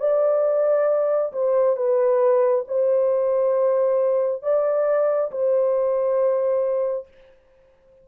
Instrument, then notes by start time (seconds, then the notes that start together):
horn
0.00 D5
1.33 C5
1.76 B4
2.68 C5
4.43 D5
5.31 C5